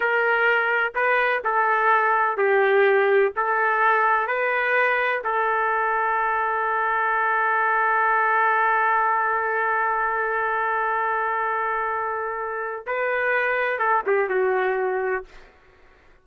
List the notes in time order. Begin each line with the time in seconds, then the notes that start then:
0.00 A#4
0.94 B4
1.44 A4
2.37 G4
3.36 A4
4.27 B4
5.24 A4
12.86 B4
13.78 A4
14.06 G4
14.29 F#4